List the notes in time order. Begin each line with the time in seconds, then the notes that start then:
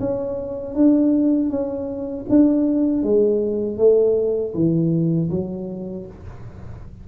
0.00 C#4
0.75 D4
1.50 C#4
2.30 D4
3.03 G#3
3.78 A3
4.55 E3
5.31 F#3